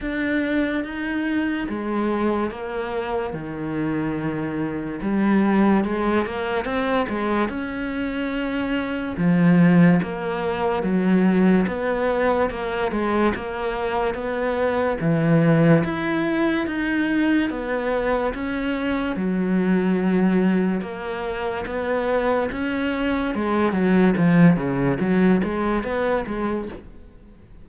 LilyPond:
\new Staff \with { instrumentName = "cello" } { \time 4/4 \tempo 4 = 72 d'4 dis'4 gis4 ais4 | dis2 g4 gis8 ais8 | c'8 gis8 cis'2 f4 | ais4 fis4 b4 ais8 gis8 |
ais4 b4 e4 e'4 | dis'4 b4 cis'4 fis4~ | fis4 ais4 b4 cis'4 | gis8 fis8 f8 cis8 fis8 gis8 b8 gis8 | }